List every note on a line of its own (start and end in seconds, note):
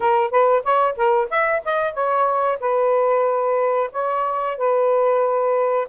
0.00 0.30 A#4
0.30 0.63 B4
0.63 0.96 C#5
0.96 1.29 A#4
1.30 1.62 E5
1.65 1.93 D#5
1.93 2.58 C#5
2.60 3.90 B4
3.91 4.57 C#5
4.57 5.87 B4